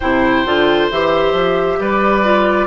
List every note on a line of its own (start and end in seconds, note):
0.00 0.45 C3
0.00 0.46 E4
0.00 1.78 C5
0.00 0.87 G5
0.45 0.90 D3
0.45 0.90 F4
0.90 1.32 E3
0.90 2.24 G4
0.90 1.80 E5
1.32 1.77 F3
1.79 2.66 G3
1.79 2.66 B4
1.79 2.66 D5
2.24 2.66 F4